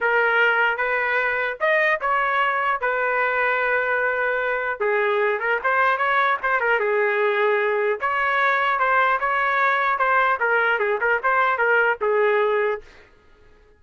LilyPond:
\new Staff \with { instrumentName = "trumpet" } { \time 4/4 \tempo 4 = 150 ais'2 b'2 | dis''4 cis''2 b'4~ | b'1 | gis'4. ais'8 c''4 cis''4 |
c''8 ais'8 gis'2. | cis''2 c''4 cis''4~ | cis''4 c''4 ais'4 gis'8 ais'8 | c''4 ais'4 gis'2 | }